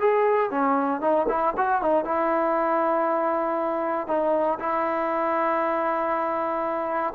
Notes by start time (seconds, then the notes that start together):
0.00 G#4
0.51 C#4
1.01 D#4
1.29 E4
1.57 F#4
1.82 D#4
2.05 E4
4.08 D#4
4.60 E4